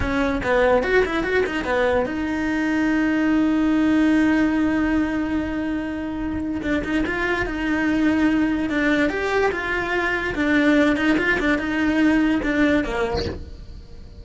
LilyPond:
\new Staff \with { instrumentName = "cello" } { \time 4/4 \tempo 4 = 145 cis'4 b4 fis'8 e'8 fis'8 dis'8 | b4 dis'2.~ | dis'1~ | dis'1 |
d'8 dis'8 f'4 dis'2~ | dis'4 d'4 g'4 f'4~ | f'4 d'4. dis'8 f'8 d'8 | dis'2 d'4 ais4 | }